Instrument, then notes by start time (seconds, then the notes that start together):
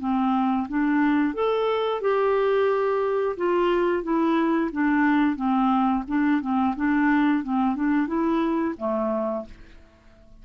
clarinet
0.00 C4
0.69 D4
1.34 A4
2.01 G4
3.37 F4
4.03 E4
4.72 D4
5.36 C4
6.08 D4
6.41 C4
6.76 D4
7.44 C4
7.76 D4
8.07 E4
8.78 A3